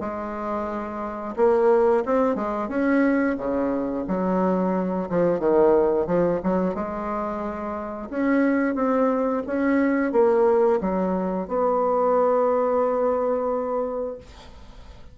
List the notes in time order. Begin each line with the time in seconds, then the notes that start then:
0.00 G#3
1.36 A#3
2.05 C4
2.35 G#3
2.68 C#4
3.37 C#3
4.07 F#3
5.09 F3
5.39 D#3
6.06 F3
6.43 F#3
6.74 G#3
8.10 C#4
8.75 C4
9.46 C#4
10.12 A#3
10.80 F#3
11.47 B3